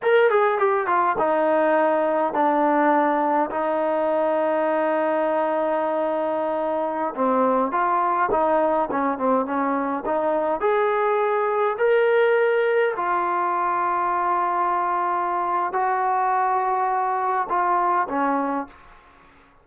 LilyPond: \new Staff \with { instrumentName = "trombone" } { \time 4/4 \tempo 4 = 103 ais'8 gis'8 g'8 f'8 dis'2 | d'2 dis'2~ | dis'1~ | dis'16 c'4 f'4 dis'4 cis'8 c'16~ |
c'16 cis'4 dis'4 gis'4.~ gis'16~ | gis'16 ais'2 f'4.~ f'16~ | f'2. fis'4~ | fis'2 f'4 cis'4 | }